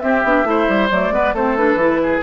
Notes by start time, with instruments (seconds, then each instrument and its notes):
0.00 bassoon C4, clarinet C4, oboe G4, flute E5
0.24 bassoon B3, clarinet D4
0.44 bassoon A3, clarinet E4, oboe C5
0.69 bassoon G3
0.91 bassoon F#3, clarinet A3, flute D5
1.10 bassoon G#3, clarinet B3, oboe B4
1.34 bassoon A3, clarinet C4, oboe A4, flute C5
1.57 clarinet D4, flute B4
1.75 bassoon E3, clarinet E4
2.03 oboe G#4